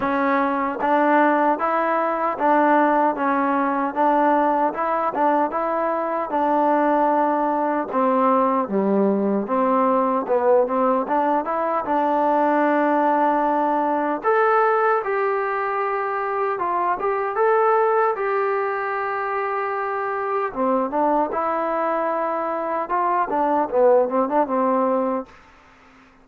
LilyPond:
\new Staff \with { instrumentName = "trombone" } { \time 4/4 \tempo 4 = 76 cis'4 d'4 e'4 d'4 | cis'4 d'4 e'8 d'8 e'4 | d'2 c'4 g4 | c'4 b8 c'8 d'8 e'8 d'4~ |
d'2 a'4 g'4~ | g'4 f'8 g'8 a'4 g'4~ | g'2 c'8 d'8 e'4~ | e'4 f'8 d'8 b8 c'16 d'16 c'4 | }